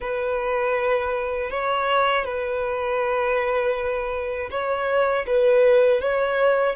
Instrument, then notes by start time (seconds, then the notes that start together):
violin
0.00 B4
1.50 C#5
2.24 B4
4.50 C#5
5.26 B4
6.00 C#5